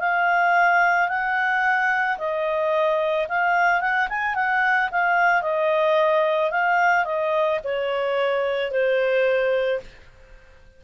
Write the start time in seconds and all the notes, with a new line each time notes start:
0.00 F5
1.09 F#5
2.19 D#5
3.29 F5
3.81 F#5
4.10 G#5
4.35 F#5
4.91 F5
5.42 D#5
6.52 F5
7.06 D#5
7.65 C#5
8.72 C5